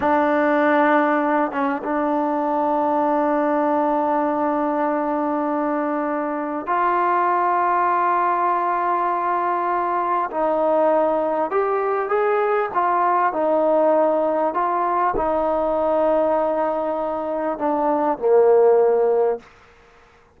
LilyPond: \new Staff \with { instrumentName = "trombone" } { \time 4/4 \tempo 4 = 99 d'2~ d'8 cis'8 d'4~ | d'1~ | d'2. f'4~ | f'1~ |
f'4 dis'2 g'4 | gis'4 f'4 dis'2 | f'4 dis'2.~ | dis'4 d'4 ais2 | }